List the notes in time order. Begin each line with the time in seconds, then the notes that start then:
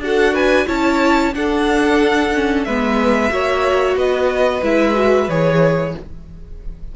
0.00 D4 F#4 A4 F#5
0.34 B4 G#5
0.67 C#4 E4 C#5 A5
1.34 D4 A4 F#5
2.34 C#4
2.64 G#3 B3 B4 E5
3.30 A#3 F#4 C#5
3.96 B3 B4 D#5
4.62 G#3 E4 E5
4.95 F#4
5.29 E3 G#4 C#5